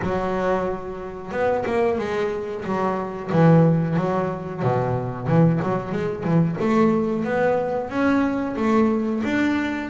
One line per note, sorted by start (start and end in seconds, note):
0.02 1.31 F#3
1.31 1.64 B3
1.65 1.98 A#3
1.98 2.64 G#3
2.64 3.30 F#3
3.32 3.96 E3
3.96 4.62 F#3
4.62 5.27 B2
5.27 5.60 E3
5.62 5.92 F#3
5.92 6.23 G#3
6.23 6.56 E3
6.60 7.24 A3
7.24 7.89 B3
7.89 8.55 C#4
8.56 9.22 A3
9.23 9.89 D4